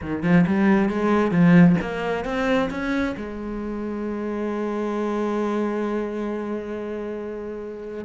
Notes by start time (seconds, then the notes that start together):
0.01 D#3
0.22 F3
0.47 G3
0.89 G#3
1.31 F3
1.81 A#3
2.24 C4
2.70 C#4
3.16 G#3